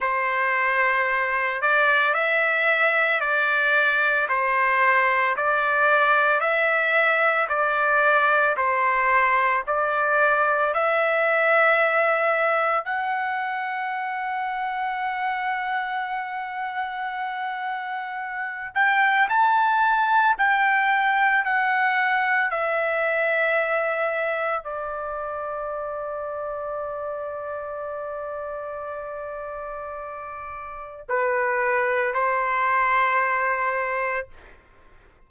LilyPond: \new Staff \with { instrumentName = "trumpet" } { \time 4/4 \tempo 4 = 56 c''4. d''8 e''4 d''4 | c''4 d''4 e''4 d''4 | c''4 d''4 e''2 | fis''1~ |
fis''4. g''8 a''4 g''4 | fis''4 e''2 d''4~ | d''1~ | d''4 b'4 c''2 | }